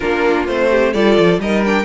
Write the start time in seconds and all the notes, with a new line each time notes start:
0.00 A#3 D4 F4 A#4
0.47 A3 C4 C5
0.70 G4
0.93 G3 F4 A4 D5
1.18 F3
1.38 G3 D#4 A#4 D#5
1.64 D4 G5